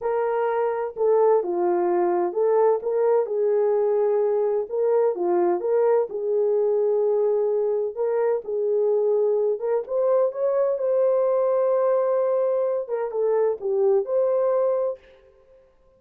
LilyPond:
\new Staff \with { instrumentName = "horn" } { \time 4/4 \tempo 4 = 128 ais'2 a'4 f'4~ | f'4 a'4 ais'4 gis'4~ | gis'2 ais'4 f'4 | ais'4 gis'2.~ |
gis'4 ais'4 gis'2~ | gis'8 ais'8 c''4 cis''4 c''4~ | c''2.~ c''8 ais'8 | a'4 g'4 c''2 | }